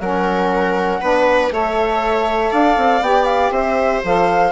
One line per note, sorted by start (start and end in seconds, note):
0.00 1.00 F#3
0.00 1.01 C#4
0.00 1.01 A#4
0.00 1.50 F#5
1.01 1.51 B3
1.01 1.51 D4
1.01 1.51 B4
1.51 2.51 A3
1.51 3.01 A4
1.51 2.51 C#5
1.51 2.52 E5
2.51 2.77 D4
2.51 3.51 D5
2.51 3.02 F5
2.77 3.01 C4
3.01 3.50 B3
3.01 4.03 G4
3.01 3.25 G5
3.25 3.50 F5
3.50 4.00 C4
3.50 4.51 C5
3.50 4.02 E5
4.03 4.51 F3
4.03 4.51 A4
4.03 4.51 F5